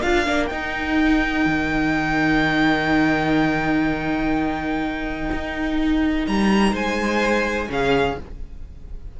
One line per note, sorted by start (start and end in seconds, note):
0.00 0.27 D4
0.00 0.25 F4
0.00 6.71 A#4
0.00 0.46 F5
0.25 0.50 A#3
0.25 0.49 D4
0.46 1.45 D#4
0.46 7.67 D#4
0.46 6.22 G5
1.45 5.29 D#3
5.31 6.27 D#4
6.27 6.71 G3
6.27 6.75 A#5
6.71 7.67 G#3
6.71 7.67 C5
6.71 7.71 G#5
7.67 8.17 C#3
7.67 8.15 C#4
7.67 8.18 G#4
7.67 8.20 F5